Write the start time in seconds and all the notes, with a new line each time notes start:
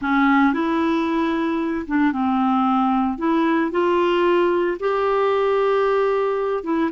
0.01 C#4
0.53 E4
1.87 D4
2.12 C4
3.18 E4
3.71 F4
4.79 G4
6.63 E4